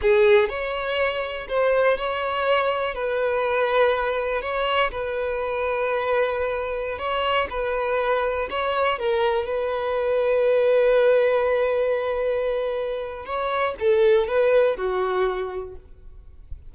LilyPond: \new Staff \with { instrumentName = "violin" } { \time 4/4 \tempo 4 = 122 gis'4 cis''2 c''4 | cis''2 b'2~ | b'4 cis''4 b'2~ | b'2~ b'16 cis''4 b'8.~ |
b'4~ b'16 cis''4 ais'4 b'8.~ | b'1~ | b'2. cis''4 | a'4 b'4 fis'2 | }